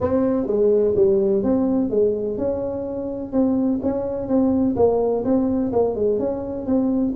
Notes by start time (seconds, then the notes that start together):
0.00 C4
0.46 G#3
0.95 G3
1.43 C4
1.90 G#3
2.37 C#4
3.32 C4
3.82 C#4
4.28 C4
4.76 A#3
5.24 C4
5.72 A#3
5.95 G#3
6.19 C#4
6.66 C4